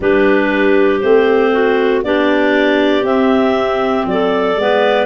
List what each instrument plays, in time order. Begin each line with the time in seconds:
0.00 tuba G3, clarinet D4 G4 B4
1.00 tuba A3, clarinet C4 C5
1.52 clarinet F#4
2.03 tuba B3, clarinet D4 G4 D5
3.02 tuba C4, clarinet C4 E5
4.06 tuba F#3, clarinet A4 D5
4.56 tuba G#3, clarinet B3 B4